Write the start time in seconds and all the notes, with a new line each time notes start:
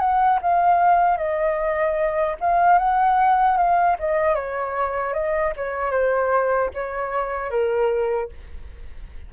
0.00 F#5
0.42 F5
1.18 D#5
2.41 F5
2.78 F#5
3.57 F5
3.99 D#5
4.35 C#5
5.14 D#5
5.57 C#5
5.91 C5
6.74 C#5
7.51 A#4